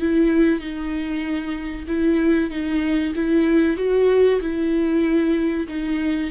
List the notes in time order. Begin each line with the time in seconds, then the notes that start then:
0.00 E4
0.60 D#4
1.87 E4
2.50 D#4
3.15 E4
3.76 F#4
4.41 E4
5.68 D#4